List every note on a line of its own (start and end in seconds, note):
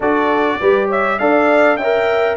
0.00 0.58 D4
0.00 0.60 F#4
0.00 0.58 A4
0.00 0.90 D5
0.60 1.19 G3
0.60 1.19 G4
0.60 0.87 B4
0.87 1.17 C#5
0.87 1.18 E5
1.18 1.76 D4
1.18 1.78 A4
1.18 1.78 D5
1.18 1.76 F5
1.76 2.35 C#4
1.76 2.36 E5
1.76 2.36 G5
1.83 2.36 A#4